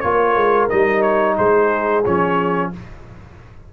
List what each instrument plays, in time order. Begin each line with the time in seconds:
0.00 tuba A#3, trombone F4, trumpet C#5
0.06 horn A#4
0.35 tuba G#3
0.69 tuba G3, trombone D#4, trumpet D#5
1.02 trumpet C#5
1.36 tuba G#3, horn G#4, trumpet C5
2.05 tuba F3, trombone C#4, trumpet C#5